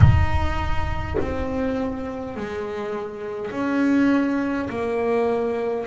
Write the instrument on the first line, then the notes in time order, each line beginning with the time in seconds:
double bass
0.00 D#4
1.20 C4
2.36 G#3
3.51 C#4
4.70 A#3